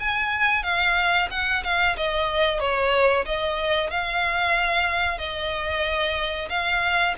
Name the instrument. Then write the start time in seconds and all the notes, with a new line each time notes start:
violin
0.00 G#5
0.63 F5
1.31 F#5
1.64 F5
1.97 D#5
2.60 C#5
3.25 D#5
3.90 F5
5.18 D#5
6.50 F5